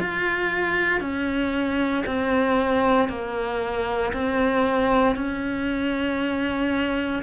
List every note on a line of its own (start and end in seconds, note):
0.00 1.01 F4
1.01 2.04 C#4
2.06 3.09 C4
3.09 4.12 A#3
4.13 5.16 C4
5.16 7.23 C#4